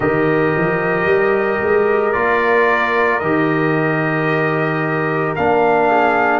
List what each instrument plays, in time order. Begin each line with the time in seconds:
0.00 tuba D#3, trombone G4, horn A#4, trumpet D#5
0.56 tuba F3
1.05 tuba G3
1.62 tuba G#3
2.12 tuba A#3, trombone F4, trumpet D5
3.19 tuba D#3, trombone G4, trumpet D#5
5.35 tuba A#3, trombone D4, trumpet F5
5.89 horn G#4